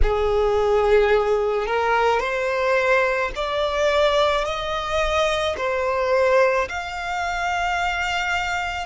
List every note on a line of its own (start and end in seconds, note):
0.02 1.66 G#4
1.66 2.20 A#4
2.20 3.31 C5
3.35 4.44 D5
4.44 5.56 D#5
5.57 6.68 C5
6.69 8.86 F5